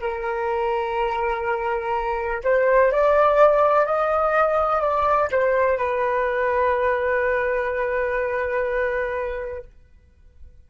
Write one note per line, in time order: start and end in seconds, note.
0.00 2.42 A#4
2.44 2.91 C5
2.91 3.86 D5
3.86 4.80 D#5
4.80 5.29 D5
5.31 5.78 C5
5.78 9.65 B4